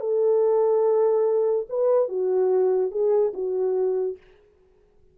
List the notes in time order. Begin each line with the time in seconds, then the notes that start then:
0.00 A4
1.69 B4
2.08 F#4
2.91 G#4
3.34 F#4